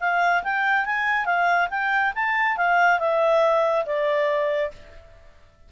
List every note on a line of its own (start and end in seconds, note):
0.00 0.43 F5
0.43 0.86 G5
0.86 1.25 G#5
1.25 1.68 F5
1.70 2.13 G5
2.15 2.57 A5
2.57 3.00 F5
3.00 3.85 E5
3.86 4.71 D5